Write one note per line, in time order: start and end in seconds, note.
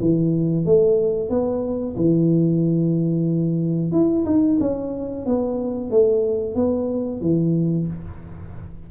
0.00 0.66 E3
0.66 1.30 A3
1.30 1.96 B3
1.97 3.92 E3
3.92 4.25 E4
4.26 4.59 D#4
4.60 5.26 C#4
5.26 5.91 B3
5.91 6.55 A3
6.55 7.21 B3
7.21 7.87 E3